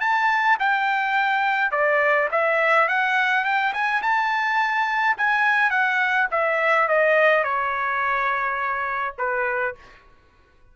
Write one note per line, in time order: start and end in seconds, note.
0.00 0.57 A5
0.59 1.71 G5
1.71 2.29 D5
2.31 2.88 E5
2.88 3.44 F#5
3.44 3.73 G5
3.73 4.02 G#5
4.02 5.16 A5
5.17 5.70 G#5
5.70 6.27 F#5
6.31 6.88 E5
6.88 7.44 D#5
7.44 9.15 C#5
9.18 9.75 B4